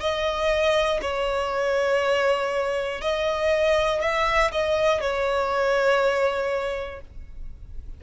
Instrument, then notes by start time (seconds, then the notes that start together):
violin
0.00 D#5
1.01 C#5
3.01 D#5
4.01 E5
4.51 D#5
5.00 C#5